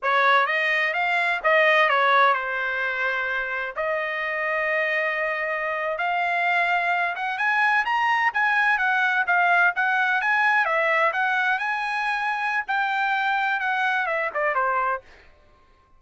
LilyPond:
\new Staff \with { instrumentName = "trumpet" } { \time 4/4 \tempo 4 = 128 cis''4 dis''4 f''4 dis''4 | cis''4 c''2. | dis''1~ | dis''8. f''2~ f''8 fis''8 gis''16~ |
gis''8. ais''4 gis''4 fis''4 f''16~ | f''8. fis''4 gis''4 e''4 fis''16~ | fis''8. gis''2~ gis''16 g''4~ | g''4 fis''4 e''8 d''8 c''4 | }